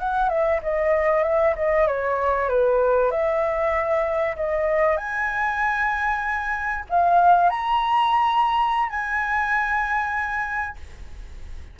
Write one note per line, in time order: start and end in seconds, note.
0.00 0.29 F#5
0.29 0.61 E5
0.63 1.24 D#5
1.24 1.55 E5
1.56 1.87 D#5
1.88 2.49 C#5
2.49 3.11 B4
3.11 4.36 E5
4.37 4.98 D#5
4.98 6.85 G#5
6.90 7.50 F5
7.50 8.90 A#5
8.90 10.77 G#5